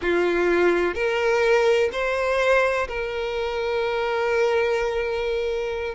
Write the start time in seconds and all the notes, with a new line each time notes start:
0.01 F4
0.94 A#4
1.92 C5
2.88 A#4